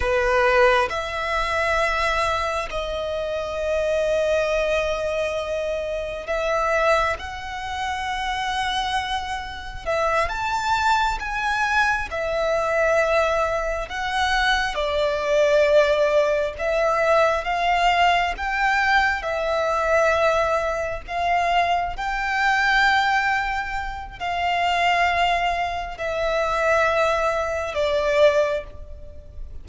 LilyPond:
\new Staff \with { instrumentName = "violin" } { \time 4/4 \tempo 4 = 67 b'4 e''2 dis''4~ | dis''2. e''4 | fis''2. e''8 a''8~ | a''8 gis''4 e''2 fis''8~ |
fis''8 d''2 e''4 f''8~ | f''8 g''4 e''2 f''8~ | f''8 g''2~ g''8 f''4~ | f''4 e''2 d''4 | }